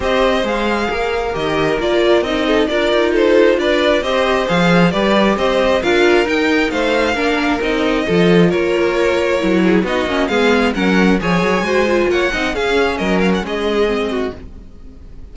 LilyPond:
<<
  \new Staff \with { instrumentName = "violin" } { \time 4/4 \tempo 4 = 134 dis''4 f''2 dis''4 | d''4 dis''4 d''4 c''4 | d''4 dis''4 f''4 d''4 | dis''4 f''4 g''4 f''4~ |
f''4 dis''2 cis''4~ | cis''2 dis''4 f''4 | fis''4 gis''2 fis''4 | f''4 dis''8 f''16 fis''16 dis''2 | }
  \new Staff \with { instrumentName = "violin" } { \time 4/4 c''2 ais'2~ | ais'4. a'8 ais'4 a'4 | b'4 c''2 b'4 | c''4 ais'2 c''4 |
ais'2 a'4 ais'4~ | ais'4. gis'8 fis'4 gis'4 | ais'4 cis''4 c''4 cis''8 dis''8 | gis'4 ais'4 gis'4. fis'8 | }
  \new Staff \with { instrumentName = "viola" } { \time 4/4 g'4 gis'2 g'4 | f'4 dis'4 f'2~ | f'4 g'4 gis'4 g'4~ | g'4 f'4 dis'2 |
d'4 dis'4 f'2~ | f'4 e'4 dis'8 cis'8 b4 | cis'4 gis'4 fis'8 f'4 dis'8 | cis'2. c'4 | }
  \new Staff \with { instrumentName = "cello" } { \time 4/4 c'4 gis4 ais4 dis4 | ais4 c'4 d'8 dis'4. | d'4 c'4 f4 g4 | c'4 d'4 dis'4 a4 |
ais4 c'4 f4 ais4~ | ais4 fis4 b8 ais8 gis4 | fis4 f8 fis8 gis4 ais8 c'8 | cis'4 fis4 gis2 | }
>>